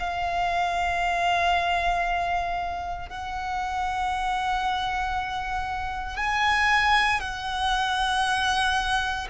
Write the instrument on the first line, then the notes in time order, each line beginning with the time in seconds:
violin
0.00 F5
3.09 F#5
6.17 G#5
7.21 F#5